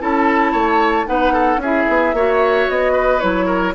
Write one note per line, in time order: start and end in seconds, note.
0.00 0.54 C#4
0.00 1.05 E4
0.00 0.52 A4
0.00 1.07 A5
0.52 1.07 A3
0.52 1.05 C#5
1.05 1.57 B3
1.05 1.59 D#4
1.05 1.33 B4
1.05 1.60 F#5
1.33 1.60 A4
1.57 1.84 C#4
1.57 2.16 G#4
1.63 2.16 E4
1.63 2.70 E5
1.88 2.13 B3
2.13 2.67 A#3
2.13 3.20 F#4
2.13 2.92 C#5
2.69 3.23 B3
2.69 3.20 D#5
2.92 3.46 B4
3.20 3.75 F#3
3.20 3.73 E4
3.20 3.73 C#5
3.46 3.73 A#4